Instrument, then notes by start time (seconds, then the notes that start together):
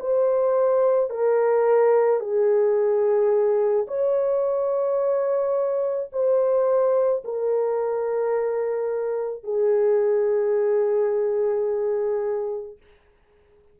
horn
0.00 C5
1.11 A#4
2.20 G#4
3.88 C#5
6.13 C5
7.25 A#4
9.44 G#4